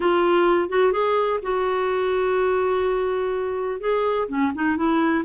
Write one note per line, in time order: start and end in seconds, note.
0.00 0.69 F4
0.69 0.92 F#4
0.92 1.40 G#4
1.42 3.80 F#4
3.80 4.28 G#4
4.28 4.52 C#4
4.55 4.76 D#4
4.76 5.24 E4